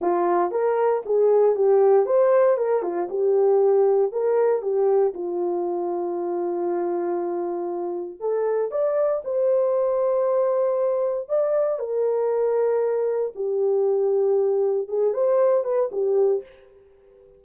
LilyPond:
\new Staff \with { instrumentName = "horn" } { \time 4/4 \tempo 4 = 117 f'4 ais'4 gis'4 g'4 | c''4 ais'8 f'8 g'2 | ais'4 g'4 f'2~ | f'1 |
a'4 d''4 c''2~ | c''2 d''4 ais'4~ | ais'2 g'2~ | g'4 gis'8 c''4 b'8 g'4 | }